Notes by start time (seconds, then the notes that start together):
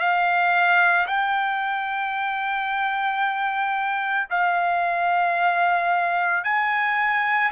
0.00 F5
1.07 G5
4.30 F5
6.44 G#5